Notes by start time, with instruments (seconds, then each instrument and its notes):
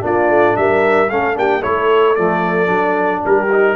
0.00 tuba A#3, trombone D4, horn F4, trumpet D5
0.29 tuba A3
0.56 tuba G3, horn A#4, trumpet E5
1.09 tuba A3, trombone C#4, horn A4, trumpet F5
1.34 tuba A#3, trombone D4, horn G4, trumpet G5
1.60 tuba A3, trombone E4, horn A4, trumpet C#5
2.15 tuba F3, trombone A3, trumpet D5
2.66 tuba F#3, trombone D4
3.25 tuba G3, horn G4, trumpet A#4
3.52 trombone D#4